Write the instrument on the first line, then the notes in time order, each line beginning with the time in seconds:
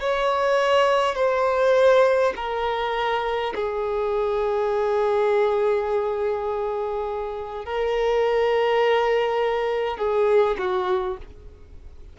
violin
0.00 C#5
1.16 C5
2.36 A#4
3.55 G#4
7.65 A#4
9.98 G#4
10.58 F#4